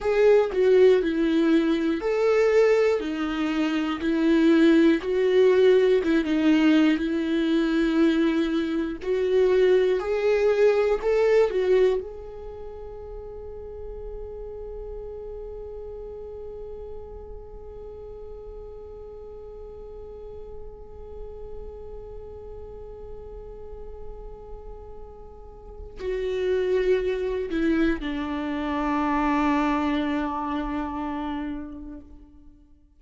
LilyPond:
\new Staff \with { instrumentName = "viola" } { \time 4/4 \tempo 4 = 60 gis'8 fis'8 e'4 a'4 dis'4 | e'4 fis'4 e'16 dis'8. e'4~ | e'4 fis'4 gis'4 a'8 fis'8 | gis'1~ |
gis'1~ | gis'1~ | gis'2 fis'4. e'8 | d'1 | }